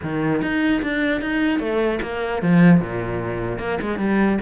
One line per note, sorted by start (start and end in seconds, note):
0.03 0.41 D#3
0.41 0.81 D#4
0.82 1.21 D4
1.21 1.59 D#4
1.59 1.99 A3
2.02 2.42 A#3
2.42 2.80 F3
2.80 3.58 A#2
3.58 3.78 A#3
3.81 3.98 G#3
3.98 4.38 G3